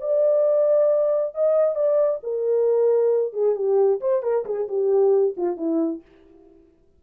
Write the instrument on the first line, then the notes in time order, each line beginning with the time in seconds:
horn
0.00 D5
1.34 D#5
1.75 D5
2.22 A#4
3.33 G#4
3.55 G4
4.00 C5
4.22 A#4
4.45 G#4
4.68 G4
5.36 F4
5.57 E4